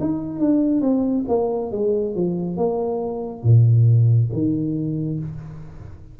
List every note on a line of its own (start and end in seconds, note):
0.00 0.40 D#4
0.40 0.81 D4
0.81 1.25 C4
1.28 1.72 A#3
1.72 2.15 G#3
2.15 2.57 F3
2.57 3.43 A#3
3.43 4.30 A#2
4.33 5.20 D#3